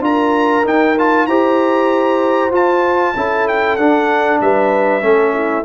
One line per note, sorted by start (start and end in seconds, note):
0.00 0.62 D4
0.00 0.63 F4
0.00 1.27 A#4
0.00 0.66 A#5
0.64 0.95 D#4
0.64 1.26 D#4
0.64 0.98 G5
0.98 1.29 F4
0.98 1.26 A5
1.26 2.51 E4
1.26 2.51 G4
1.26 3.15 C5
1.26 2.51 A#5
2.51 3.13 F4
2.51 3.14 F4
2.51 3.48 A5
3.15 3.77 C#4
3.15 3.79 E4
3.15 4.41 A4
3.48 3.76 G5
3.76 4.39 D4
3.76 5.01 D4
3.76 4.39 F#5
4.40 5.02 G3
4.40 5.04 B4
4.40 5.64 E5
5.01 5.64 A3
5.01 5.63 C#4
5.01 5.33 A4
5.33 5.64 E4